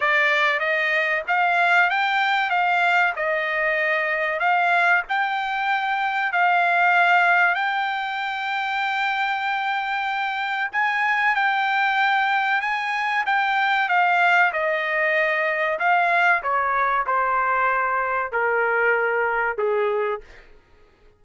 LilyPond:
\new Staff \with { instrumentName = "trumpet" } { \time 4/4 \tempo 4 = 95 d''4 dis''4 f''4 g''4 | f''4 dis''2 f''4 | g''2 f''2 | g''1~ |
g''4 gis''4 g''2 | gis''4 g''4 f''4 dis''4~ | dis''4 f''4 cis''4 c''4~ | c''4 ais'2 gis'4 | }